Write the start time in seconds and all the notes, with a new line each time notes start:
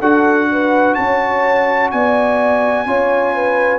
0.00 D4 F#4 A4 F#5
0.52 B4
0.94 C#4 C#5 A5
1.91 B3 D5 G#5
2.86 C#4 F4 C#5
3.35 B4